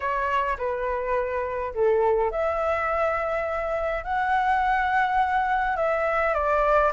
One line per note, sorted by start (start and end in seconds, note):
0.00 0.57 C#5
0.58 1.73 B4
1.74 2.31 A4
2.31 4.04 E5
4.04 5.76 F#5
5.76 6.34 E5
6.34 6.92 D5